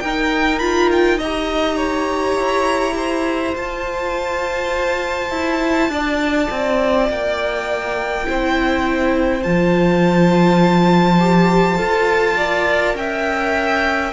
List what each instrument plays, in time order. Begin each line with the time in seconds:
0.00 cello D#4, viola D#4, violin A#4 G5
0.59 viola F4, violin B5
0.91 violin G5
1.18 viola G4, violin D#5 A#5
1.76 violin C#5
2.37 cello E4
2.97 violin C5
3.55 viola F4, cello F4, violin A5
5.30 cello E4
5.89 cello D4, violin D5
6.50 cello C4
7.09 cello A#3, violin G5
8.25 cello C4, viola E4, violin C5
9.43 cello F3, viola F4, violin A5
11.19 viola G4
11.76 cello F4, viola A4
12.37 viola A#4, violin D5
12.95 cello C#4, violin E5 G5